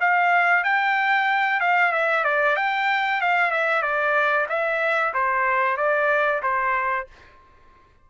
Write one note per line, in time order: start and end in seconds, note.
0.00 0.64 F5
0.64 1.60 G5
1.60 1.92 F5
1.92 2.24 E5
2.24 2.56 D5
2.56 3.21 G5
3.21 3.51 F5
3.51 3.82 E5
3.82 4.47 D5
4.49 5.13 E5
5.14 5.77 C5
5.77 6.41 D5
6.43 7.07 C5